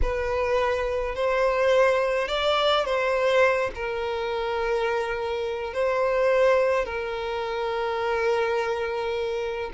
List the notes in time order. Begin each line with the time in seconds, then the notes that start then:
0.02 B4
1.15 C5
2.28 D5
2.85 C5
3.74 A#4
5.73 C5
6.85 A#4